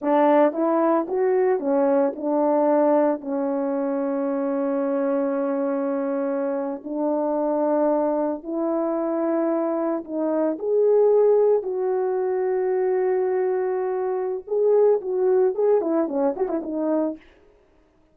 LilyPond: \new Staff \with { instrumentName = "horn" } { \time 4/4 \tempo 4 = 112 d'4 e'4 fis'4 cis'4 | d'2 cis'2~ | cis'1~ | cis'8. d'2. e'16~ |
e'2~ e'8. dis'4 gis'16~ | gis'4.~ gis'16 fis'2~ fis'16~ | fis'2. gis'4 | fis'4 gis'8 e'8 cis'8 fis'16 e'16 dis'4 | }